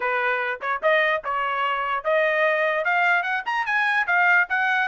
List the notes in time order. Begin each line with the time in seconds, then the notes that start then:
0.00 B4
0.61 C#5
0.82 D#5
1.24 C#5
2.03 D#5
2.84 F5
3.22 F#5
3.45 A#5
3.66 G#5
4.07 F5
4.49 F#5